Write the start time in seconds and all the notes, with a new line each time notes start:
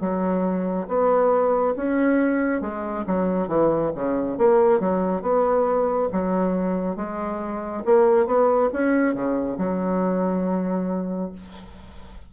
0.00 F#3
0.87 B3
1.76 C#4
2.60 G#3
3.06 F#3
3.47 E3
3.94 C#3
4.38 A#3
4.79 F#3
5.21 B3
6.12 F#3
6.96 G#3
7.85 A#3
8.26 B3
8.73 C#4
9.14 C#3
9.58 F#3